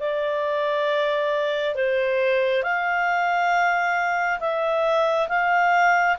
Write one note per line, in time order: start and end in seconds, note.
0.00 1.75 D5
1.75 2.63 C5
2.63 4.40 F5
4.40 5.28 E5
5.29 6.17 F5